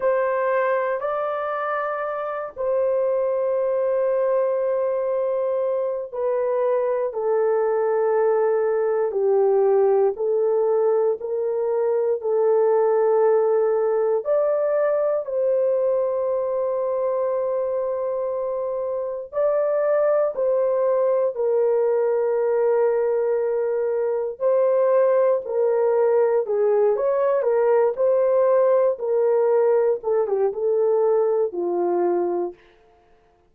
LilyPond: \new Staff \with { instrumentName = "horn" } { \time 4/4 \tempo 4 = 59 c''4 d''4. c''4.~ | c''2 b'4 a'4~ | a'4 g'4 a'4 ais'4 | a'2 d''4 c''4~ |
c''2. d''4 | c''4 ais'2. | c''4 ais'4 gis'8 cis''8 ais'8 c''8~ | c''8 ais'4 a'16 g'16 a'4 f'4 | }